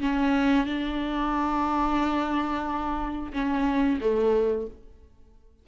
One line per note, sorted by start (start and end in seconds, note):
0.00 0.65 C#4
0.65 3.32 D4
3.32 3.99 C#4
4.00 4.67 A3